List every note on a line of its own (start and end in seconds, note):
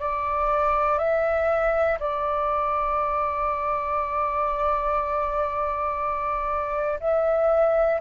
0.00 0.99 D5
0.99 1.99 E5
2.00 7.00 D5
7.00 8.00 E5